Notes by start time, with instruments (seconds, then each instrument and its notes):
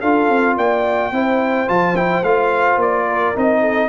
0.00 tuba D4, trombone F4, horn A4, trumpet F5
0.29 tuba C4
0.56 tuba A#3, horn D5, trumpet G5
1.12 tuba C4, trombone E4, horn C5
1.67 tuba F3, trombone F4, trumpet A5
1.96 trombone E4, trumpet G5
2.22 tuba A3, trombone F4, trumpet F5
2.77 tuba A#3, trumpet D5
3.08 horn A#4
3.35 tuba C4, trombone D#4, trumpet D#5
3.60 horn A4